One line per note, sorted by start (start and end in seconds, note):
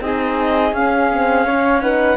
0.00 0.72 C4
0.00 0.73 D#4
0.00 1.45 G#4
0.00 0.74 D#5
0.72 2.16 C#4
0.72 1.12 C#4
0.72 1.81 F5
1.12 1.46 C4
1.45 1.80 C#4
1.45 1.81 C#5
1.80 2.16 D#4
1.80 2.16 B4
1.80 2.16 F#5